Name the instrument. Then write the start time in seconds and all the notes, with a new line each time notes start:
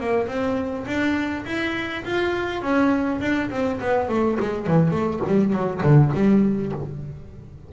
double bass
0.00 A#3
0.28 C4
0.87 D4
1.46 E4
2.05 F4
2.62 C#4
3.21 D4
3.51 C4
3.81 B3
4.09 A3
4.40 G#3
4.67 E3
4.91 A3
5.27 G3
5.53 F#3
5.83 D3
6.14 G3